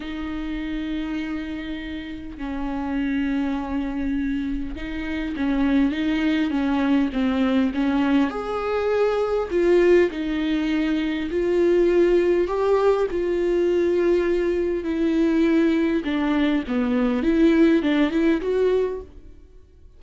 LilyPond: \new Staff \with { instrumentName = "viola" } { \time 4/4 \tempo 4 = 101 dis'1 | cis'1 | dis'4 cis'4 dis'4 cis'4 | c'4 cis'4 gis'2 |
f'4 dis'2 f'4~ | f'4 g'4 f'2~ | f'4 e'2 d'4 | b4 e'4 d'8 e'8 fis'4 | }